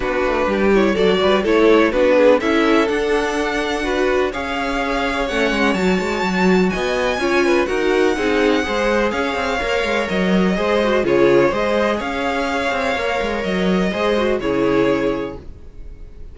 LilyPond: <<
  \new Staff \with { instrumentName = "violin" } { \time 4/4 \tempo 4 = 125 b'4. cis''8 d''4 cis''4 | b'4 e''4 fis''2~ | fis''4 f''2 fis''4 | a''2 gis''2 |
fis''2. f''4~ | f''4 dis''2 cis''4 | dis''4 f''2. | dis''2 cis''2 | }
  \new Staff \with { instrumentName = "violin" } { \time 4/4 fis'4 g'4 a'8 b'8 a'4 | fis'8 gis'8 a'2. | b'4 cis''2.~ | cis''2 dis''4 cis''8 b'8 |
ais'4 gis'4 c''4 cis''4~ | cis''2 c''4 gis'4 | c''4 cis''2.~ | cis''4 c''4 gis'2 | }
  \new Staff \with { instrumentName = "viola" } { \time 4/4 d'4. e'8 fis'4 e'4 | d'4 e'4 d'2 | fis'4 gis'2 cis'4 | fis'2. f'4 |
fis'4 dis'4 gis'2 | ais'2 gis'8 fis'8 f'4 | gis'2. ais'4~ | ais'4 gis'8 fis'8 e'2 | }
  \new Staff \with { instrumentName = "cello" } { \time 4/4 b8 a8 g4 fis8 g8 a4 | b4 cis'4 d'2~ | d'4 cis'2 a8 gis8 | fis8 gis8 fis4 b4 cis'4 |
dis'4 c'4 gis4 cis'8 c'8 | ais8 gis8 fis4 gis4 cis4 | gis4 cis'4. c'8 ais8 gis8 | fis4 gis4 cis2 | }
>>